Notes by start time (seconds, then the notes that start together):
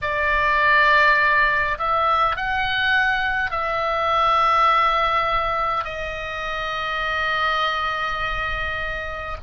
0.01 D5
1.78 E5
2.36 F#5
3.50 E5
5.84 D#5